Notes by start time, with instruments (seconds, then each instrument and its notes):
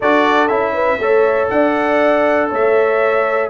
0.00 tuba D4, trombone F#4, horn A4, trumpet D5
0.47 tuba C#4, trombone E4, trumpet E5
0.73 horn B4
0.98 tuba A3, trombone A4, horn C#5
1.49 tuba D4, horn D5, trumpet F#5
2.49 tuba A3, horn C#5, trumpet E5